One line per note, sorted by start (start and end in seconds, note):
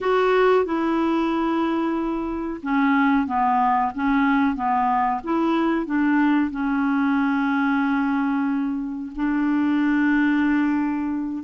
0.00 0.65 F#4
0.65 2.61 E4
2.62 3.26 C#4
3.26 3.92 B3
3.94 4.55 C#4
4.55 5.21 B3
5.23 5.86 E4
5.86 6.50 D4
6.50 9.12 C#4
9.15 11.43 D4